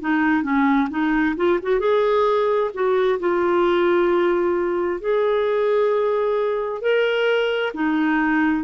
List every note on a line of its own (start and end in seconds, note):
0.00 0.43 D#4
0.43 0.88 C#4
0.90 1.36 D#4
1.36 1.59 F4
1.62 1.79 F#4
1.79 2.70 G#4
2.74 3.19 F#4
3.19 5.00 F4
5.00 6.81 G#4
6.81 7.72 A#4
7.74 8.64 D#4